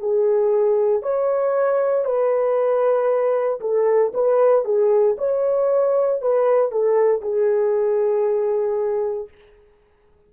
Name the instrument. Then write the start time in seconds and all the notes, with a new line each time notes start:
horn
0.00 G#4
1.03 C#5
2.05 B4
3.61 A4
4.14 B4
4.65 G#4
5.18 C#5
6.22 B4
6.72 A4
7.22 G#4